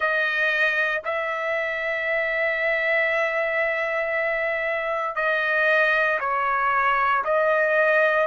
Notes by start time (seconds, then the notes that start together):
0.00 D#5
1.04 E5
5.15 D#5
6.20 C#5
7.24 D#5